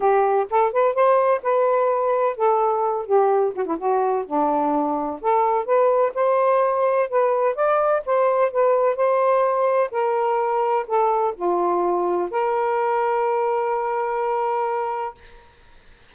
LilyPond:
\new Staff \with { instrumentName = "saxophone" } { \time 4/4 \tempo 4 = 127 g'4 a'8 b'8 c''4 b'4~ | b'4 a'4. g'4 fis'16 e'16 | fis'4 d'2 a'4 | b'4 c''2 b'4 |
d''4 c''4 b'4 c''4~ | c''4 ais'2 a'4 | f'2 ais'2~ | ais'1 | }